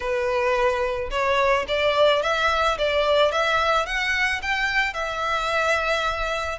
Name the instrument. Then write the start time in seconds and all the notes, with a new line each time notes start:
violin
0.00 B4
1.10 C#5
1.68 D5
2.22 E5
2.77 D5
3.31 E5
3.86 F#5
4.42 G5
4.93 E5